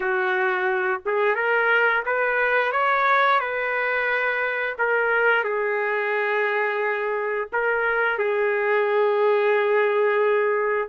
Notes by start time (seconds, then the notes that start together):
0.00 F#4
1.05 G#4
1.35 A#4
2.05 B4
2.71 C#5
3.39 B4
4.78 A#4
5.44 G#4
7.52 A#4
8.18 G#4